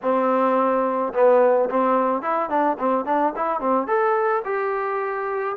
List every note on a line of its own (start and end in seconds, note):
0.02 1.13 C4
1.13 1.69 B3
1.70 2.22 C4
2.22 2.49 E4
2.49 2.77 D4
2.78 3.05 C4
3.05 3.33 D4
3.36 3.60 E4
3.60 3.87 C4
3.87 4.42 A4
4.44 5.56 G4